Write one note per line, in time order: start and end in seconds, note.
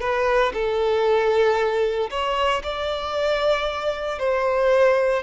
0.00 0.52 B4
0.53 2.10 A4
2.10 2.62 C#5
2.63 4.19 D5
4.19 5.22 C5